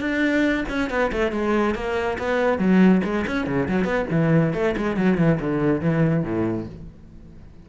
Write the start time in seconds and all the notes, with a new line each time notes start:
0.00 D4
0.69 C#4
0.90 B3
1.12 A3
1.31 G#3
1.74 A#3
2.18 B3
2.58 F#3
3.04 G#3
3.26 C#4
3.46 C#3
3.68 F#3
3.84 B3
4.10 E3
4.54 A3
4.77 G#3
4.96 F#3
5.18 E3
5.40 D3
5.81 E3
6.23 A2